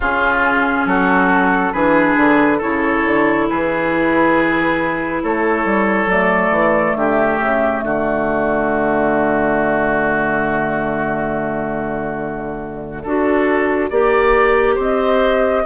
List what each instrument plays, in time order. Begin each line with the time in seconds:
0.00 bassoon C#3, clarinet C#4, oboe F4, flute G#4
0.85 bassoon F#3, oboe F#4, flute A4
1.72 bassoon E3, clarinet D4, oboe G#4, flute B4
2.16 bassoon D3
2.58 bassoon C#3, clarinet E4, oboe A4, flute C#5
3.05 bassoon D3
3.48 bassoon E3, oboe G#4, flute B4
5.23 bassoon A3, oboe A4, flute C#5
5.64 bassoon G3
6.06 bassoon F#3, clarinet A3, flute D5
6.50 bassoon E3
6.94 bassoon D3, oboe G4, flute E5
7.40 bassoon C#3
7.82 bassoon D3, oboe F#4, flute D5
13.03 bassoon D4, clarinet F#4, oboe A4
13.89 bassoon A#3, clarinet G4, oboe D5
14.74 bassoon C4, oboe C5, flute D#5